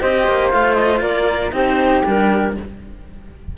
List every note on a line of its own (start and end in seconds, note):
0.00 0.28 C4
0.00 0.51 G4
0.00 1.02 C5
0.00 0.51 D#5
0.28 0.53 A#3
0.51 1.01 A3
0.51 1.52 F4
0.51 0.74 F5
0.74 0.99 D#5
1.01 1.52 A#3
1.01 1.53 A#4
1.01 1.52 D5
1.52 2.03 C4
1.52 2.03 D#4
1.52 2.56 G4
1.52 2.06 C5
2.05 2.57 G3
2.05 2.56 D4
2.05 2.58 A#4